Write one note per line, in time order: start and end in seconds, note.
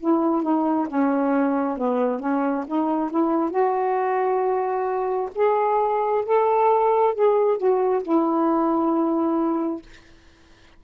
0.00 0.42 E4
0.42 0.87 D#4
0.88 1.77 C#4
1.77 2.19 B3
2.19 2.64 C#4
2.67 3.10 D#4
3.10 3.50 E4
3.50 5.29 F#4
5.35 6.24 G#4
6.25 7.14 A4
7.14 7.57 G#4
7.57 8.02 F#4
8.03 9.82 E4